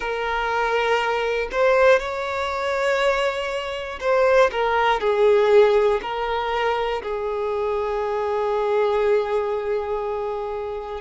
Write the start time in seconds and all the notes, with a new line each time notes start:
0.00 A#4
1.51 C5
1.99 C#5
4.00 C5
4.51 A#4
5.00 G#4
6.01 A#4
7.02 G#4